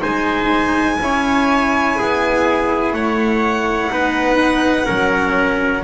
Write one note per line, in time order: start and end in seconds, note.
0.00 1.00 G#3
0.00 0.97 D#4
0.00 0.97 C5
0.00 2.92 G#5
1.00 1.96 C#4
1.00 3.90 E4
1.00 1.98 C#5
1.98 2.92 B3
1.98 2.94 G#4
2.92 3.89 A3
2.92 3.91 C#5
2.92 5.83 F#5
3.90 4.87 B3
3.90 4.85 D#4
3.90 4.85 B4
4.85 5.83 F#3
4.85 5.82 C#4
4.85 5.82 A#4